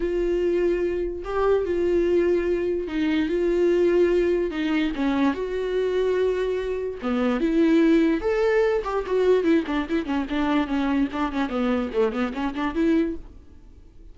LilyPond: \new Staff \with { instrumentName = "viola" } { \time 4/4 \tempo 4 = 146 f'2. g'4 | f'2. dis'4 | f'2. dis'4 | cis'4 fis'2.~ |
fis'4 b4 e'2 | a'4. g'8 fis'4 e'8 d'8 | e'8 cis'8 d'4 cis'4 d'8 cis'8 | b4 a8 b8 cis'8 d'8 e'4 | }